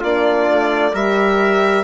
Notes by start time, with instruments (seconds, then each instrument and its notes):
0.00 bassoon A#3, horn D4, trumpet F4, violin D5
0.49 bassoon A3
0.93 bassoon G3, horn G4, trumpet A#4, violin E5